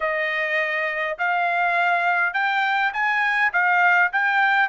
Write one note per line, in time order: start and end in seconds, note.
0.00 1.17 D#5
1.18 2.33 F5
2.33 2.92 G5
2.93 3.52 G#5
3.53 4.11 F5
4.12 4.68 G5